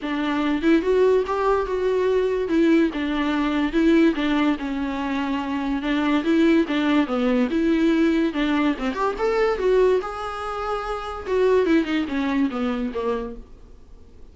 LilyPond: \new Staff \with { instrumentName = "viola" } { \time 4/4 \tempo 4 = 144 d'4. e'8 fis'4 g'4 | fis'2 e'4 d'4~ | d'4 e'4 d'4 cis'4~ | cis'2 d'4 e'4 |
d'4 b4 e'2 | d'4 c'8 g'8 a'4 fis'4 | gis'2. fis'4 | e'8 dis'8 cis'4 b4 ais4 | }